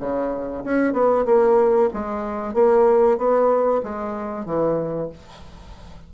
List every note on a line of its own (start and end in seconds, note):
0.00 0.64 C#3
0.64 0.93 C#4
0.93 1.25 B3
1.26 1.89 A#3
1.94 2.54 G#3
2.54 3.18 A#3
3.18 3.82 B3
3.83 4.46 G#3
4.46 5.09 E3